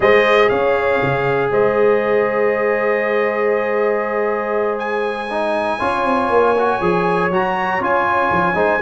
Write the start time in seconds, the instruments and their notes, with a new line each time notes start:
0.00 tuba G#3, trombone G#4, horn C5, trumpet D#5
0.49 tuba C#4, horn C#5, trumpet F5
1.02 tuba C#3
1.51 tuba G#3, horn C5, trumpet D#5
4.78 trumpet G#5
5.30 trombone D#4
5.79 tuba C#4, trombone F4, horn C#5
6.04 tuba C4
6.29 tuba A#3
6.57 trombone F#4
6.80 tuba F3, trombone G#4
7.30 tuba F#3, trombone F#4, trumpet A#5
7.79 tuba C#4, trombone F4, trumpet G#5
8.31 tuba F3
8.54 tuba G#3, trombone D#4, horn C5